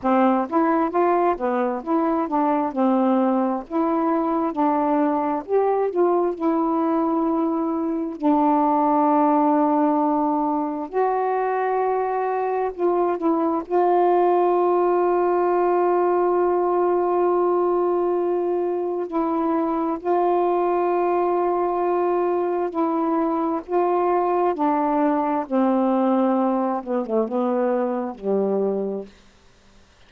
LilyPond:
\new Staff \with { instrumentName = "saxophone" } { \time 4/4 \tempo 4 = 66 c'8 e'8 f'8 b8 e'8 d'8 c'4 | e'4 d'4 g'8 f'8 e'4~ | e'4 d'2. | fis'2 f'8 e'8 f'4~ |
f'1~ | f'4 e'4 f'2~ | f'4 e'4 f'4 d'4 | c'4. b16 a16 b4 g4 | }